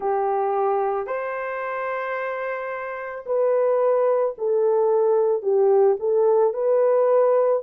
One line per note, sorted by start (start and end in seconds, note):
0.00 1.06 G4
1.06 3.24 C5
3.25 4.34 B4
4.37 5.42 A4
5.42 5.97 G4
5.99 6.53 A4
6.53 7.62 B4